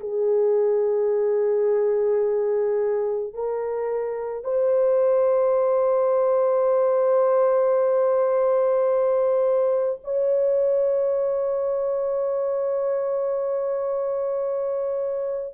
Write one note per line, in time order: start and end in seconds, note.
0.00 3.33 G#4
3.33 4.44 A#4
4.44 9.99 C5
10.04 15.54 C#5